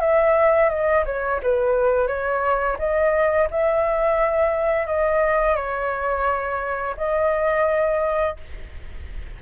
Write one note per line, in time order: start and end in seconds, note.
0.00 0.69 E5
0.69 1.04 D#5
1.05 1.40 C#5
1.43 2.07 B4
2.07 2.77 C#5
2.78 3.48 D#5
3.50 4.86 E5
4.86 5.56 D#5
5.56 6.95 C#5
6.97 8.37 D#5